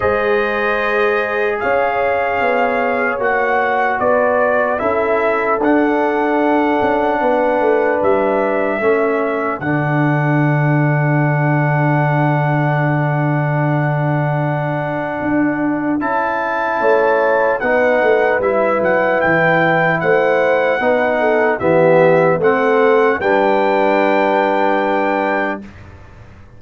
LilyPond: <<
  \new Staff \with { instrumentName = "trumpet" } { \time 4/4 \tempo 4 = 75 dis''2 f''2 | fis''4 d''4 e''4 fis''4~ | fis''2 e''2 | fis''1~ |
fis''1 | a''2 fis''4 e''8 fis''8 | g''4 fis''2 e''4 | fis''4 g''2. | }
  \new Staff \with { instrumentName = "horn" } { \time 4/4 c''2 cis''2~ | cis''4 b'4 a'2~ | a'4 b'2 a'4~ | a'1~ |
a'1~ | a'4 cis''4 b'2~ | b'4 c''4 b'8 a'8 g'4 | a'4 b'2. | }
  \new Staff \with { instrumentName = "trombone" } { \time 4/4 gis'1 | fis'2 e'4 d'4~ | d'2. cis'4 | d'1~ |
d'1 | e'2 dis'4 e'4~ | e'2 dis'4 b4 | c'4 d'2. | }
  \new Staff \with { instrumentName = "tuba" } { \time 4/4 gis2 cis'4 b4 | ais4 b4 cis'4 d'4~ | d'8 cis'8 b8 a8 g4 a4 | d1~ |
d2. d'4 | cis'4 a4 b8 a8 g8 fis8 | e4 a4 b4 e4 | a4 g2. | }
>>